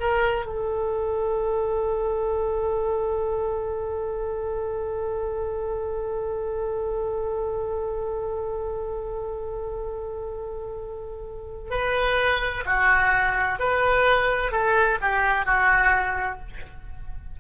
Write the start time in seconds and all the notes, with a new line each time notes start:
0.00 A#4
0.46 A4
11.71 B4
12.66 F#4
13.59 B4
14.52 A4
15.01 G4
15.46 F#4